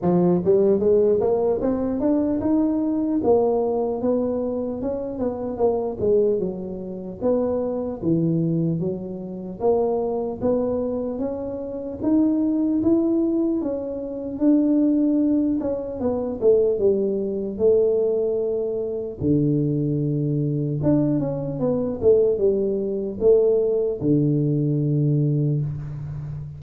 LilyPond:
\new Staff \with { instrumentName = "tuba" } { \time 4/4 \tempo 4 = 75 f8 g8 gis8 ais8 c'8 d'8 dis'4 | ais4 b4 cis'8 b8 ais8 gis8 | fis4 b4 e4 fis4 | ais4 b4 cis'4 dis'4 |
e'4 cis'4 d'4. cis'8 | b8 a8 g4 a2 | d2 d'8 cis'8 b8 a8 | g4 a4 d2 | }